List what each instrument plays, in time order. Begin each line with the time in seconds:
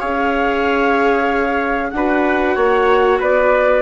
0.00 bassoon C#4, viola G#4, trumpet C#5, flute F5
1.91 bassoon D4, viola F#4, trumpet B4, flute F#5
2.55 bassoon A#3, trumpet C#5
3.20 bassoon B3, trumpet B4, flute D5